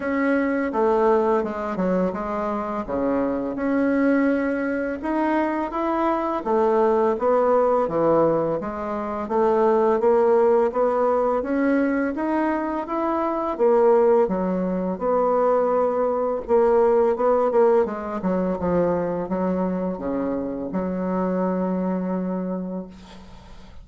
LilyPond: \new Staff \with { instrumentName = "bassoon" } { \time 4/4 \tempo 4 = 84 cis'4 a4 gis8 fis8 gis4 | cis4 cis'2 dis'4 | e'4 a4 b4 e4 | gis4 a4 ais4 b4 |
cis'4 dis'4 e'4 ais4 | fis4 b2 ais4 | b8 ais8 gis8 fis8 f4 fis4 | cis4 fis2. | }